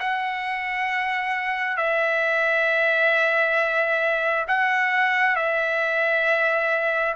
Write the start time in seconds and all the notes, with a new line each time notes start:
0.00 F#5
1.77 E5
4.48 F#5
5.36 E5